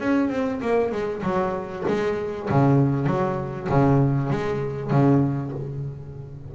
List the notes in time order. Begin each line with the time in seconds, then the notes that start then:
0.00 C#4
0.30 C4
0.61 A#3
0.92 G#3
1.22 F#3
1.88 G#3
2.49 C#3
3.06 F#3
3.69 C#3
4.30 G#3
4.90 C#3